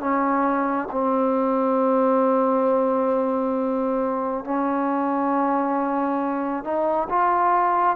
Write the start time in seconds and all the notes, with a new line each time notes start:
0.00 C#4
0.91 C4
4.44 C#4
6.64 D#4
7.09 F4